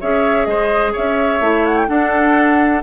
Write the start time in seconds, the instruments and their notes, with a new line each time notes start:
0.00 bassoon C#4, clarinet G#4, oboe C#5, flute E5
0.45 bassoon G#3, oboe C5, flute D#5
0.92 bassoon C#4, oboe C#5, flute E5
1.40 bassoon A3, clarinet E4
1.66 flute F#5
1.77 flute G5
1.87 clarinet D4, bassoon D4, oboe A4, flute F#5